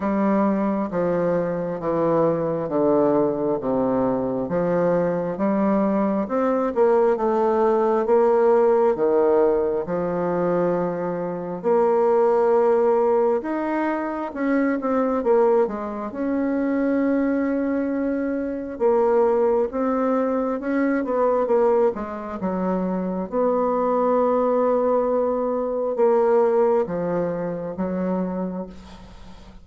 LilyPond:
\new Staff \with { instrumentName = "bassoon" } { \time 4/4 \tempo 4 = 67 g4 f4 e4 d4 | c4 f4 g4 c'8 ais8 | a4 ais4 dis4 f4~ | f4 ais2 dis'4 |
cis'8 c'8 ais8 gis8 cis'2~ | cis'4 ais4 c'4 cis'8 b8 | ais8 gis8 fis4 b2~ | b4 ais4 f4 fis4 | }